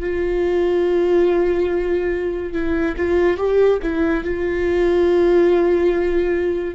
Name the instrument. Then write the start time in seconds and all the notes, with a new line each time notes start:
viola
0.00 F4
2.53 E4
2.97 F4
3.37 G4
3.83 E4
4.24 F4